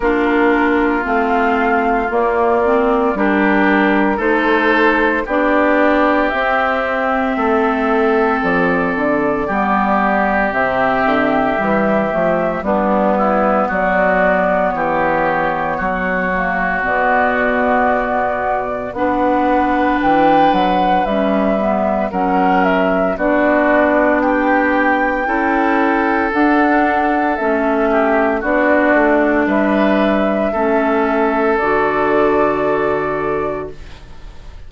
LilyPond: <<
  \new Staff \with { instrumentName = "flute" } { \time 4/4 \tempo 4 = 57 ais'4 f''4 d''4 ais'4 | c''4 d''4 e''2 | d''2 e''2 | b'4 d''4 cis''2 |
d''2 fis''4 g''8 fis''8 | e''4 fis''8 e''8 d''4 g''4~ | g''4 fis''4 e''4 d''4 | e''2 d''2 | }
  \new Staff \with { instrumentName = "oboe" } { \time 4/4 f'2. g'4 | a'4 g'2 a'4~ | a'4 g'2. | d'8 e'8 fis'4 g'4 fis'4~ |
fis'2 b'2~ | b'4 ais'4 fis'4 g'4 | a'2~ a'8 g'8 fis'4 | b'4 a'2. | }
  \new Staff \with { instrumentName = "clarinet" } { \time 4/4 d'4 c'4 ais8 c'8 d'4 | dis'4 d'4 c'2~ | c'4 b4 c'4 g8 a8 | b2.~ b8 ais8 |
b2 d'2 | cis'8 b8 cis'4 d'2 | e'4 d'4 cis'4 d'4~ | d'4 cis'4 fis'2 | }
  \new Staff \with { instrumentName = "bassoon" } { \time 4/4 ais4 a4 ais4 g4 | a4 b4 c'4 a4 | f8 d8 g4 c8 d8 e8 f8 | g4 fis4 e4 fis4 |
b,2 b4 e8 fis8 | g4 fis4 b2 | cis'4 d'4 a4 b8 a8 | g4 a4 d2 | }
>>